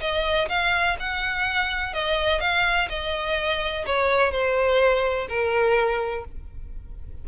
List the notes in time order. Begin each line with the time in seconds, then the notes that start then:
0.00 D#5
0.48 F5
0.99 F#5
1.93 D#5
2.40 F5
2.89 D#5
3.86 C#5
4.31 C5
5.28 A#4